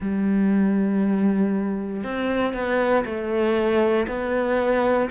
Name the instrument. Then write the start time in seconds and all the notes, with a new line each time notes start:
cello
0.00 G3
2.03 C4
2.53 B3
3.05 A3
4.07 B3